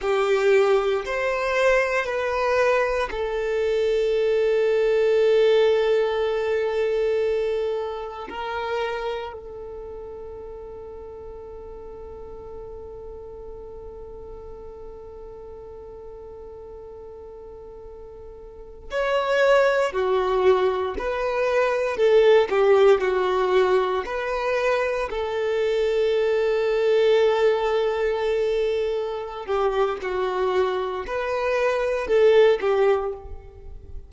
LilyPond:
\new Staff \with { instrumentName = "violin" } { \time 4/4 \tempo 4 = 58 g'4 c''4 b'4 a'4~ | a'1 | ais'4 a'2.~ | a'1~ |
a'2~ a'16 cis''4 fis'8.~ | fis'16 b'4 a'8 g'8 fis'4 b'8.~ | b'16 a'2.~ a'8.~ | a'8 g'8 fis'4 b'4 a'8 g'8 | }